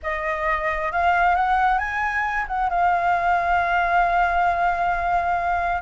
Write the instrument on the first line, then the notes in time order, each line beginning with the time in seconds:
flute
0.02 D#5
0.92 F5
1.35 F#5
1.78 G#5
2.47 F#5
2.69 F5